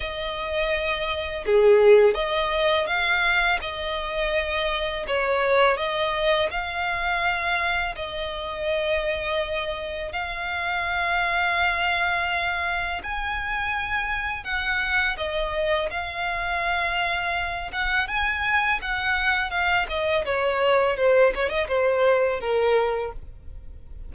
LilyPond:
\new Staff \with { instrumentName = "violin" } { \time 4/4 \tempo 4 = 83 dis''2 gis'4 dis''4 | f''4 dis''2 cis''4 | dis''4 f''2 dis''4~ | dis''2 f''2~ |
f''2 gis''2 | fis''4 dis''4 f''2~ | f''8 fis''8 gis''4 fis''4 f''8 dis''8 | cis''4 c''8 cis''16 dis''16 c''4 ais'4 | }